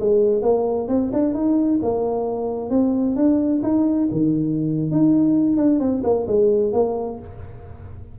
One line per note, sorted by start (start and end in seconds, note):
0.00 0.42 G#3
0.42 0.88 A#3
0.88 1.11 C4
1.13 1.34 D4
1.34 1.80 D#4
1.82 2.70 A#3
2.70 3.16 C4
3.16 3.62 D4
3.63 4.08 D#4
4.11 4.91 D#3
4.91 5.57 D#4
5.57 5.79 D4
5.79 6.02 C4
6.04 6.26 A#3
6.27 6.73 G#3
6.73 7.19 A#3